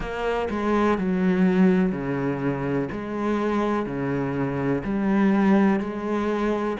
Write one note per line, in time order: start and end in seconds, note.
0.00 0.48 A#3
0.50 0.98 G#3
0.98 1.91 F#3
1.91 2.88 C#3
2.91 3.85 G#3
3.85 4.82 C#3
4.83 5.80 G3
5.80 6.77 G#3